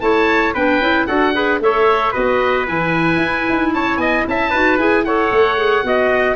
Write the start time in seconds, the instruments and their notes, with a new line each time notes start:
0.00 tuba A3, clarinet E4, trumpet C#5, oboe A5
0.53 tuba B3, clarinet D4, trumpet B4, oboe G5
0.80 tuba C#4, clarinet E4
1.06 tuba D4, clarinet F#4, trumpet A4, oboe F#5
1.34 clarinet G#4, trumpet B4
1.60 tuba A3, clarinet A4, trumpet C#5, oboe E5
2.11 tuba B3, clarinet F#4, trumpet B4, oboe D#5
2.66 tuba E3, clarinet E4, oboe G#5
3.16 tuba E4
3.49 tuba D#4
3.73 tuba C#4, trumpet C#5, oboe A5
3.97 tuba B3, trumpet D#5, oboe G#5
4.27 tuba C#4, trumpet E5, oboe A5
4.50 tuba D#4, clarinet F#4, trumpet B4
4.77 tuba E4, clarinet G#4, oboe G#5
5.04 clarinet A4, trumpet C#5, oboe F#5
5.31 tuba A3
5.57 clarinet G#4
5.83 tuba B3, clarinet F#4, trumpet D#5